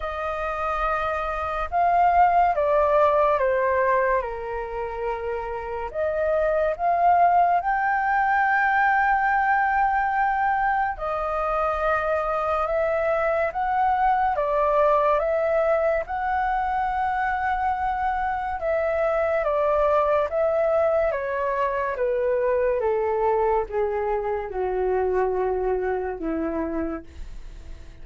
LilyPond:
\new Staff \with { instrumentName = "flute" } { \time 4/4 \tempo 4 = 71 dis''2 f''4 d''4 | c''4 ais'2 dis''4 | f''4 g''2.~ | g''4 dis''2 e''4 |
fis''4 d''4 e''4 fis''4~ | fis''2 e''4 d''4 | e''4 cis''4 b'4 a'4 | gis'4 fis'2 e'4 | }